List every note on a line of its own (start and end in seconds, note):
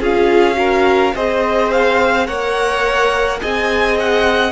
0.00 1.14 C#4
0.00 0.54 F4
0.00 0.57 G#4
0.00 1.16 F5
0.54 1.11 F#4
0.54 1.15 A#4
1.15 2.28 C4
1.15 2.27 G#4
1.15 2.27 C5
1.15 1.72 D#5
1.72 2.27 F5
2.27 3.42 A#3
2.27 3.39 A#4
2.27 3.40 C#5
2.27 3.40 F#5
3.39 4.52 C4
3.39 4.52 G#4
3.39 4.52 D#5
3.39 3.97 G#5
4.00 4.52 F#5